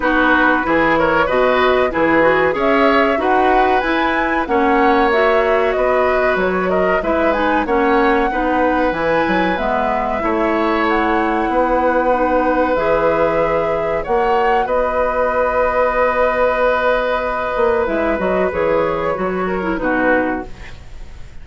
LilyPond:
<<
  \new Staff \with { instrumentName = "flute" } { \time 4/4 \tempo 4 = 94 b'4. cis''8 dis''4 b'4 | e''4 fis''4 gis''4 fis''4 | e''4 dis''4 cis''8 dis''8 e''8 gis''8 | fis''2 gis''4 e''4~ |
e''4 fis''2. | e''2 fis''4 dis''4~ | dis''1 | e''8 dis''8 cis''2 b'4 | }
  \new Staff \with { instrumentName = "oboe" } { \time 4/4 fis'4 gis'8 ais'8 b'4 gis'4 | cis''4 b'2 cis''4~ | cis''4 b'4. ais'8 b'4 | cis''4 b'2. |
cis''2 b'2~ | b'2 cis''4 b'4~ | b'1~ | b'2~ b'8 ais'8 fis'4 | }
  \new Staff \with { instrumentName = "clarinet" } { \time 4/4 dis'4 e'4 fis'4 e'8 fis'8 | gis'4 fis'4 e'4 cis'4 | fis'2. e'8 dis'8 | cis'4 dis'4 e'4 b4 |
e'2. dis'4 | gis'2 fis'2~ | fis'1 | e'8 fis'8 gis'4 fis'8. e'16 dis'4 | }
  \new Staff \with { instrumentName = "bassoon" } { \time 4/4 b4 e4 b,4 e4 | cis'4 dis'4 e'4 ais4~ | ais4 b4 fis4 gis4 | ais4 b4 e8 fis8 gis4 |
a2 b2 | e2 ais4 b4~ | b2.~ b8 ais8 | gis8 fis8 e4 fis4 b,4 | }
>>